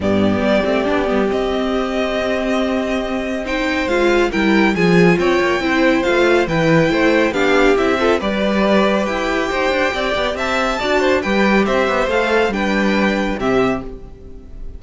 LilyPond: <<
  \new Staff \with { instrumentName = "violin" } { \time 4/4 \tempo 4 = 139 d''2. dis''4~ | dis''1 | g''4 f''4 g''4 gis''4 | g''2 f''4 g''4~ |
g''4 f''4 e''4 d''4~ | d''4 g''2. | a''2 g''4 e''4 | f''4 g''2 e''4 | }
  \new Staff \with { instrumentName = "violin" } { \time 4/4 g'1~ | g'1 | c''2 ais'4 gis'4 | cis''4 c''2 b'4 |
c''4 g'4. a'8 b'4~ | b'2 c''4 d''4 | e''4 d''8 c''8 b'4 c''4~ | c''4 b'2 g'4 | }
  \new Staff \with { instrumentName = "viola" } { \time 4/4 b4. c'8 d'8 b8 c'4~ | c'1 | dis'4 f'4 e'4 f'4~ | f'4 e'4 f'4 e'4~ |
e'4 d'4 e'8 f'8 g'4~ | g'1~ | g'4 fis'4 g'2 | a'4 d'2 c'4 | }
  \new Staff \with { instrumentName = "cello" } { \time 4/4 g,4 g8 a8 b8 g8 c'4~ | c'1~ | c'4 gis4 g4 f4 | c'8 ais8 c'4 a4 e4 |
a4 b4 c'4 g4~ | g4 e'4 dis'8 d'8 c'8 b8 | c'4 d'4 g4 c'8 b8 | a4 g2 c4 | }
>>